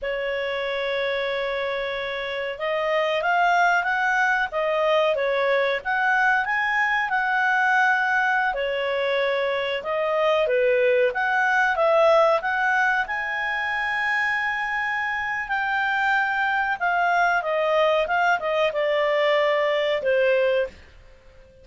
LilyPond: \new Staff \with { instrumentName = "clarinet" } { \time 4/4 \tempo 4 = 93 cis''1 | dis''4 f''4 fis''4 dis''4 | cis''4 fis''4 gis''4 fis''4~ | fis''4~ fis''16 cis''2 dis''8.~ |
dis''16 b'4 fis''4 e''4 fis''8.~ | fis''16 gis''2.~ gis''8. | g''2 f''4 dis''4 | f''8 dis''8 d''2 c''4 | }